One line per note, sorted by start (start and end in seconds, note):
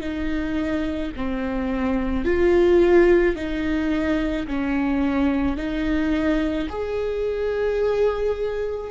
0.00 1.11 D#4
1.16 2.24 C4
2.24 3.35 F4
3.35 4.46 D#4
4.46 5.57 C#4
5.57 6.68 D#4
6.69 8.90 G#4